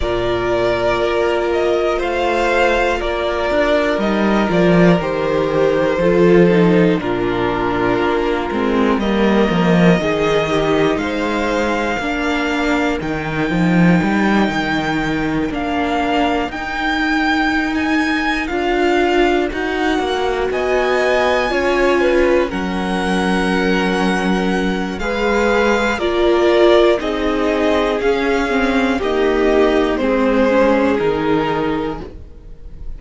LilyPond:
<<
  \new Staff \with { instrumentName = "violin" } { \time 4/4 \tempo 4 = 60 d''4. dis''8 f''4 d''4 | dis''8 d''8 c''2 ais'4~ | ais'4 dis''2 f''4~ | f''4 g''2~ g''8 f''8~ |
f''8 g''4~ g''16 gis''8. f''4 fis''8~ | fis''8 gis''2 fis''4.~ | fis''4 f''4 d''4 dis''4 | f''4 dis''4 c''4 ais'4 | }
  \new Staff \with { instrumentName = "violin" } { \time 4/4 ais'2 c''4 ais'4~ | ais'2 a'4 f'4~ | f'4 ais'4 gis'8 g'8 c''4 | ais'1~ |
ais'1~ | ais'8 dis''4 cis''8 b'8 ais'4.~ | ais'4 b'4 ais'4 gis'4~ | gis'4 g'4 gis'2 | }
  \new Staff \with { instrumentName = "viola" } { \time 4/4 f'1 | dis'8 f'8 g'4 f'8 dis'8 d'4~ | d'8 c'8 ais4 dis'2 | d'4 dis'2~ dis'8 d'8~ |
d'8 dis'2 f'4 fis'8~ | fis'4. f'4 cis'4.~ | cis'4 gis'4 f'4 dis'4 | cis'8 c'8 ais4 c'8 cis'8 dis'4 | }
  \new Staff \with { instrumentName = "cello" } { \time 4/4 ais,4 ais4 a4 ais8 d'8 | g8 f8 dis4 f4 ais,4 | ais8 gis8 g8 f8 dis4 gis4 | ais4 dis8 f8 g8 dis4 ais8~ |
ais8 dis'2 d'4 dis'8 | ais8 b4 cis'4 fis4.~ | fis4 gis4 ais4 c'4 | cis'4 dis'4 gis4 dis4 | }
>>